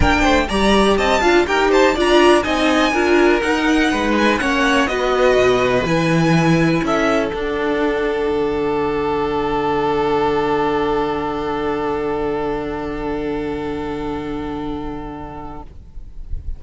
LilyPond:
<<
  \new Staff \with { instrumentName = "violin" } { \time 4/4 \tempo 4 = 123 g''4 ais''4 a''4 g''8 a''8 | ais''4 gis''2 fis''4~ | fis''8 gis''8 fis''4 dis''2 | gis''2 e''4 fis''4~ |
fis''1~ | fis''1~ | fis''1~ | fis''1 | }
  \new Staff \with { instrumentName = "violin" } { \time 4/4 ais'8 c''8 d''4 dis''8 f''8 ais'8 c''8 | d''4 dis''4 ais'2 | b'4 cis''4 b'2~ | b'2 a'2~ |
a'1~ | a'1~ | a'1~ | a'1 | }
  \new Staff \with { instrumentName = "viola" } { \time 4/4 d'4 g'4. f'8 g'4 | f'4 dis'4 f'4 dis'4~ | dis'4 cis'4 fis'2 | e'2. d'4~ |
d'1~ | d'1~ | d'1~ | d'1 | }
  \new Staff \with { instrumentName = "cello" } { \time 4/4 ais8 a8 g4 c'8 d'8 dis'4 | d'4 c'4 d'4 dis'4 | gis4 ais4 b4 b,4 | e2 cis'4 d'4~ |
d'4 d2.~ | d1~ | d1~ | d1 | }
>>